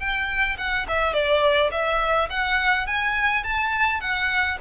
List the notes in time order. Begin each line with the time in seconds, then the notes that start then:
0.00 G5
0.58 F#5
0.89 E5
1.14 D5
1.72 E5
2.30 F#5
2.87 G#5
3.44 A5
4.01 F#5